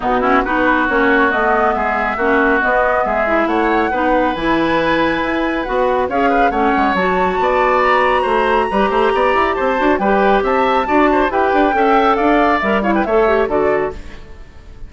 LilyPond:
<<
  \new Staff \with { instrumentName = "flute" } { \time 4/4 \tempo 4 = 138 fis'4 b'4 cis''4 dis''4 | e''2 dis''4 e''4 | fis''2 gis''2~ | gis''4 fis''4 f''4 fis''4 |
a''2 ais''2~ | ais''2 a''4 g''4 | a''2 g''2 | f''4 e''8 f''16 g''16 e''4 d''4 | }
  \new Staff \with { instrumentName = "oboe" } { \time 4/4 dis'8 e'8 fis'2. | gis'4 fis'2 gis'4 | cis''4 b'2.~ | b'2 cis''8 b'8 cis''4~ |
cis''4 d''2 c''4 | b'8 c''8 d''4 c''4 b'4 | e''4 d''8 c''8 b'4 e''4 | d''4. cis''16 b'16 cis''4 a'4 | }
  \new Staff \with { instrumentName = "clarinet" } { \time 4/4 b8 cis'8 dis'4 cis'4 b4~ | b4 cis'4 b4. e'8~ | e'4 dis'4 e'2~ | e'4 fis'4 gis'4 cis'4 |
fis'1 | g'2~ g'8 fis'8 g'4~ | g'4 fis'4 g'4 a'4~ | a'4 ais'8 e'8 a'8 g'8 fis'4 | }
  \new Staff \with { instrumentName = "bassoon" } { \time 4/4 b,4 b4 ais4 a4 | gis4 ais4 b4 gis4 | a4 b4 e2 | e'4 b4 cis'4 a8 gis8 |
fis4 b2 a4 | g8 a8 b8 e'8 c'8 d'8 g4 | c'4 d'4 e'8 d'8 cis'4 | d'4 g4 a4 d4 | }
>>